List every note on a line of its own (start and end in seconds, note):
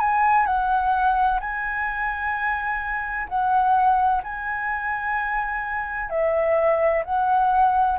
0.00 0.46 G#5
0.46 1.40 F#5
1.41 3.28 G#5
3.29 4.23 F#5
4.24 6.10 G#5
6.10 7.04 E5
7.05 7.99 F#5